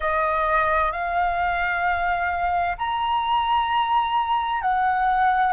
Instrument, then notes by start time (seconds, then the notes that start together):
flute
0.00 D#5
0.92 F5
2.77 A#5
4.62 F#5